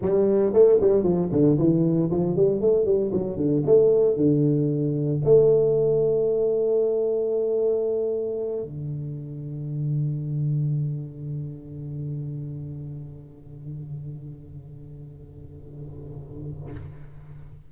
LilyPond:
\new Staff \with { instrumentName = "tuba" } { \time 4/4 \tempo 4 = 115 g4 a8 g8 f8 d8 e4 | f8 g8 a8 g8 fis8 d8 a4 | d2 a2~ | a1~ |
a8 d2.~ d8~ | d1~ | d1~ | d1 | }